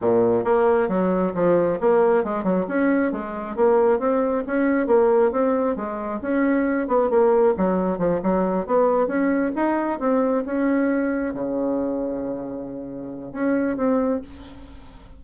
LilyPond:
\new Staff \with { instrumentName = "bassoon" } { \time 4/4 \tempo 4 = 135 ais,4 ais4 fis4 f4 | ais4 gis8 fis8 cis'4 gis4 | ais4 c'4 cis'4 ais4 | c'4 gis4 cis'4. b8 |
ais4 fis4 f8 fis4 b8~ | b8 cis'4 dis'4 c'4 cis'8~ | cis'4. cis2~ cis8~ | cis2 cis'4 c'4 | }